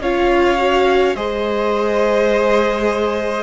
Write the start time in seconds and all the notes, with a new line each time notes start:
0.00 C#4 F4 C#5 F5
0.58 F#4
1.16 G#3 G#4 C5 D#5